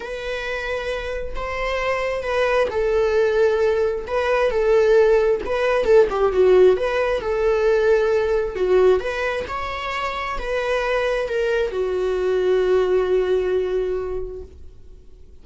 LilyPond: \new Staff \with { instrumentName = "viola" } { \time 4/4 \tempo 4 = 133 b'2. c''4~ | c''4 b'4 a'2~ | a'4 b'4 a'2 | b'4 a'8 g'8 fis'4 b'4 |
a'2. fis'4 | b'4 cis''2 b'4~ | b'4 ais'4 fis'2~ | fis'1 | }